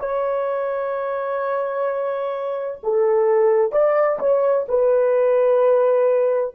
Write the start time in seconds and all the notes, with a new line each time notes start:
0.00 C#5
2.83 A4
3.72 D5
4.20 C#5
4.69 B4